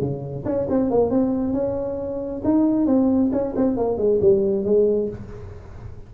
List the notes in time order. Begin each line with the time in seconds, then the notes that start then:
0.00 C#3
0.45 C#4
0.69 C4
0.90 A#3
1.10 C4
1.53 C#4
2.44 D#4
2.86 C4
3.32 C#4
3.56 C4
3.77 A#3
3.97 G#3
4.21 G3
4.64 G#3